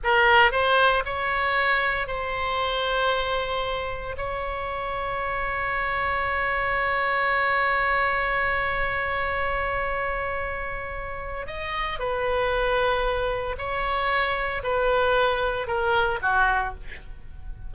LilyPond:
\new Staff \with { instrumentName = "oboe" } { \time 4/4 \tempo 4 = 115 ais'4 c''4 cis''2 | c''1 | cis''1~ | cis''1~ |
cis''1~ | cis''2 dis''4 b'4~ | b'2 cis''2 | b'2 ais'4 fis'4 | }